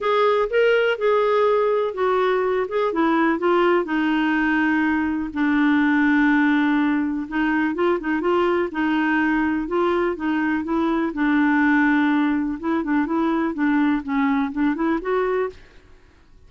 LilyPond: \new Staff \with { instrumentName = "clarinet" } { \time 4/4 \tempo 4 = 124 gis'4 ais'4 gis'2 | fis'4. gis'8 e'4 f'4 | dis'2. d'4~ | d'2. dis'4 |
f'8 dis'8 f'4 dis'2 | f'4 dis'4 e'4 d'4~ | d'2 e'8 d'8 e'4 | d'4 cis'4 d'8 e'8 fis'4 | }